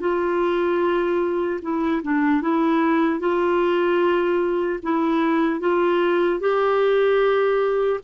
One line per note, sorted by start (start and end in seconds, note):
0.00 1.60 F4
1.62 2.02 E4
2.03 2.42 D4
2.42 3.20 E4
3.20 4.80 F4
4.83 5.60 E4
5.60 6.40 F4
6.40 8.00 G4